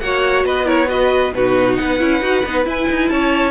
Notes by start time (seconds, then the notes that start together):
0.00 A#3 F#4 C#5 F#5
0.44 B3 B4 D#5
0.65 E4 A#4 C#5
0.88 F#4 B4 D#5
1.34 B2 D#4 F#4 B4
1.75 F#5
1.81 B3 B4
1.99 C#4 E4
2.21 D#4 F#4
2.45 B3 D#4
2.64 E4 G#5
2.90 D#4
3.09 C#4 C#5 A5